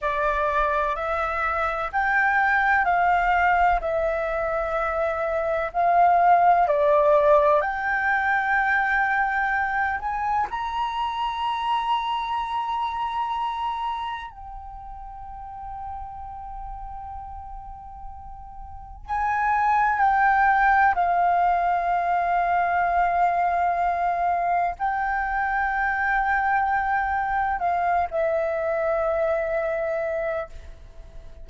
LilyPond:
\new Staff \with { instrumentName = "flute" } { \time 4/4 \tempo 4 = 63 d''4 e''4 g''4 f''4 | e''2 f''4 d''4 | g''2~ g''8 gis''8 ais''4~ | ais''2. g''4~ |
g''1 | gis''4 g''4 f''2~ | f''2 g''2~ | g''4 f''8 e''2~ e''8 | }